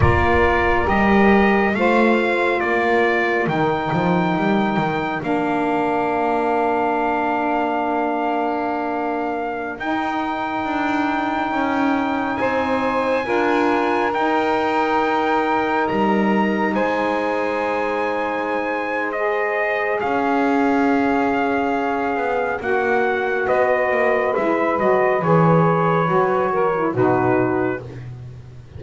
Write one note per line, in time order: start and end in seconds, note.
0.00 0.86 A#3
0.00 0.85 F4
0.00 1.74 A#4
0.00 0.87 D5
0.85 1.74 G3
0.85 1.72 G4
0.85 1.74 D#5
1.74 2.61 A3
1.74 3.48 F4
1.74 2.62 C5
1.74 2.60 F5
2.60 3.47 A#3
2.60 12.39 A#4
2.60 3.47 D5
3.47 3.90 D#3
3.47 5.20 D#4
3.47 5.22 G5
3.93 4.36 F3
4.36 4.76 G3
4.76 5.20 D#3
5.20 9.78 A#3
5.20 9.77 D4
5.20 9.79 F5
9.78 10.64 D#4
9.78 13.23 D#4
9.78 12.37 G5
10.64 11.51 D4
11.51 12.38 C#4
12.37 13.26 C4
12.37 13.25 C5
12.37 14.11 G#5
13.23 14.14 D4
13.23 14.10 F4
13.23 16.72 A#4
14.13 19.13 D#4
14.13 15.88 D#4
14.13 15.87 G5
15.87 16.74 G3
15.87 16.74 A#5
16.74 20.00 G#3
16.74 19.99 C5
16.74 19.12 G#5
19.12 22.60 G#4
19.12 19.99 D#5
19.99 22.16 C#4
19.99 23.46 C#5
19.99 22.61 F5
22.16 22.60 B3
22.60 23.47 A#3
22.60 24.34 F#4
22.60 23.47 F#5
23.46 23.90 B3
23.46 26.51 B4
23.46 24.34 D#5
23.90 24.34 A#3
24.35 24.80 G#3
24.35 24.79 E4
24.35 24.78 E5
24.79 25.22 F#3
24.79 25.21 F#4
24.79 25.22 D#5
25.21 26.08 E3
25.21 26.05 G#4
25.21 26.96 C#5
26.05 26.94 F#3
26.05 26.70 F#4
26.52 26.92 A#4
26.75 26.94 E4
26.92 27.81 B2
26.92 27.81 D#4
26.92 27.79 F#4
26.92 27.83 B4